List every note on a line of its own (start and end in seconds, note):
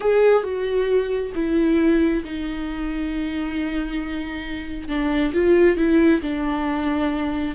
0.00 0.43 G#4
0.43 1.32 F#4
1.34 2.23 E4
2.24 4.88 D#4
4.88 5.33 D4
5.33 5.77 F4
5.77 6.21 E4
6.21 7.55 D4